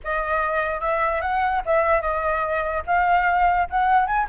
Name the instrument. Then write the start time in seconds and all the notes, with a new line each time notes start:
flute
0.04 D#5
0.80 E5
1.21 F#5
1.65 E5
2.01 D#5
2.86 F5
3.70 F#5
4.06 G#5